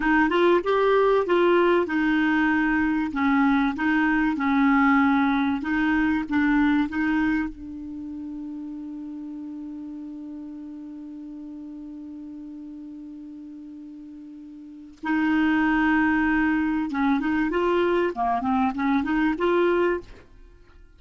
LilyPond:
\new Staff \with { instrumentName = "clarinet" } { \time 4/4 \tempo 4 = 96 dis'8 f'8 g'4 f'4 dis'4~ | dis'4 cis'4 dis'4 cis'4~ | cis'4 dis'4 d'4 dis'4 | d'1~ |
d'1~ | d'1 | dis'2. cis'8 dis'8 | f'4 ais8 c'8 cis'8 dis'8 f'4 | }